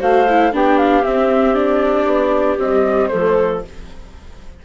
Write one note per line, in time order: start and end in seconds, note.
0.00 0.52 A3
0.00 0.26 F#4
0.00 0.52 C5
0.00 0.54 F5
0.29 0.52 E4
0.52 1.03 B3
0.52 1.03 D4
0.52 3.13 G4
0.52 0.78 G5
0.78 1.04 F5
1.03 1.54 C4
1.03 2.05 C4
1.03 1.55 E5
1.54 2.58 D4
1.54 2.58 D5
2.05 2.57 B3
2.58 3.09 G3
2.58 3.10 C4
2.58 3.07 D#5
3.07 3.65 F3
3.07 3.61 A3
3.07 3.64 A4
3.07 3.59 C5